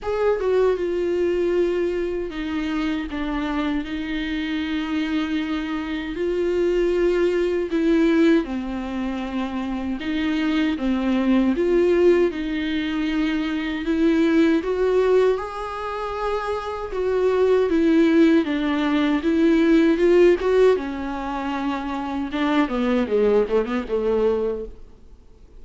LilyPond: \new Staff \with { instrumentName = "viola" } { \time 4/4 \tempo 4 = 78 gis'8 fis'8 f'2 dis'4 | d'4 dis'2. | f'2 e'4 c'4~ | c'4 dis'4 c'4 f'4 |
dis'2 e'4 fis'4 | gis'2 fis'4 e'4 | d'4 e'4 f'8 fis'8 cis'4~ | cis'4 d'8 b8 gis8 a16 b16 a4 | }